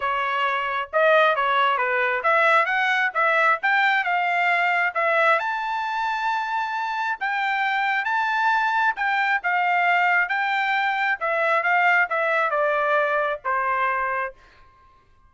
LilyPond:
\new Staff \with { instrumentName = "trumpet" } { \time 4/4 \tempo 4 = 134 cis''2 dis''4 cis''4 | b'4 e''4 fis''4 e''4 | g''4 f''2 e''4 | a''1 |
g''2 a''2 | g''4 f''2 g''4~ | g''4 e''4 f''4 e''4 | d''2 c''2 | }